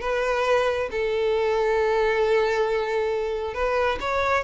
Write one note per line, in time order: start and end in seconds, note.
0.00 0.89 B4
0.91 3.54 A4
3.54 3.98 B4
4.00 4.43 C#5